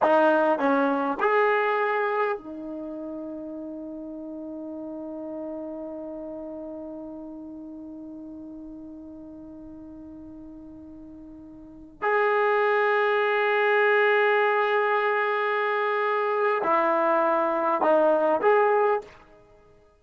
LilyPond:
\new Staff \with { instrumentName = "trombone" } { \time 4/4 \tempo 4 = 101 dis'4 cis'4 gis'2 | dis'1~ | dis'1~ | dis'1~ |
dis'1~ | dis'16 gis'2.~ gis'8.~ | gis'1 | e'2 dis'4 gis'4 | }